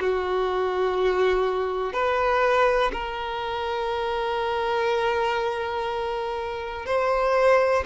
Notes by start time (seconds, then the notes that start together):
0.00 F#4
1.93 B4
2.92 A#4
6.85 C5